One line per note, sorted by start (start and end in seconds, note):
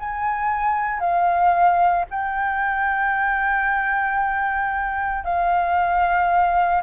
0.00 1.00 G#5
1.00 2.05 F5
2.11 5.24 G5
5.24 6.82 F5